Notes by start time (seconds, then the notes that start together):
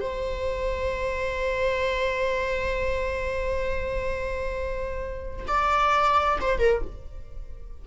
0.00 C5
5.47 D5
6.40 C5
6.58 A#4